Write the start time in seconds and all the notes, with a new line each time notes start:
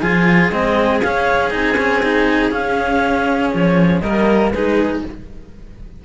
0.00 F3 F4 G#4 G#5
0.50 G#3 C4 D#5
1.01 C#4 F5
1.50 C4 D#4 G#5
1.77 C#4
2.03 D#4
2.51 C#4 F5
3.51 F3 C#5
4.00 G3 A#3 A#4 D#5
4.50 G#3 D#4 G#4 B4